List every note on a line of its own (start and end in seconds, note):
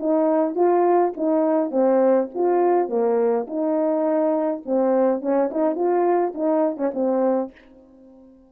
0.00 0.56 D#4
0.56 1.13 F4
1.17 1.71 D#4
1.71 2.29 C4
2.35 2.89 F4
2.89 3.47 A#3
3.48 4.63 D#4
4.66 5.22 C4
5.22 5.51 C#4
5.52 5.76 D#4
5.76 6.34 F4
6.35 6.77 D#4
6.77 6.92 C#4
6.94 7.52 C4